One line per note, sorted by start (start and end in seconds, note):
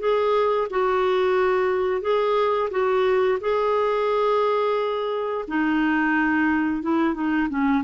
0.00 0.68 G#4
0.70 2.02 F#4
2.02 2.70 G#4
2.71 3.39 F#4
3.41 5.45 G#4
5.48 6.82 D#4
6.82 7.14 E4
7.14 7.48 D#4
7.50 7.84 C#4